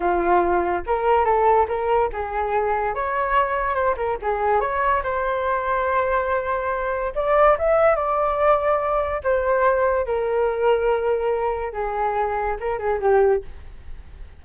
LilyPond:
\new Staff \with { instrumentName = "flute" } { \time 4/4 \tempo 4 = 143 f'2 ais'4 a'4 | ais'4 gis'2 cis''4~ | cis''4 c''8 ais'8 gis'4 cis''4 | c''1~ |
c''4 d''4 e''4 d''4~ | d''2 c''2 | ais'1 | gis'2 ais'8 gis'8 g'4 | }